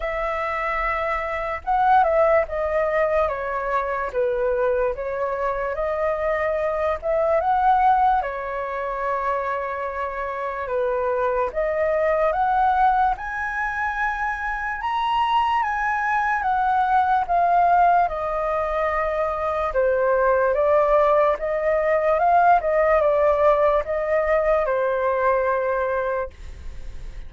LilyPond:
\new Staff \with { instrumentName = "flute" } { \time 4/4 \tempo 4 = 73 e''2 fis''8 e''8 dis''4 | cis''4 b'4 cis''4 dis''4~ | dis''8 e''8 fis''4 cis''2~ | cis''4 b'4 dis''4 fis''4 |
gis''2 ais''4 gis''4 | fis''4 f''4 dis''2 | c''4 d''4 dis''4 f''8 dis''8 | d''4 dis''4 c''2 | }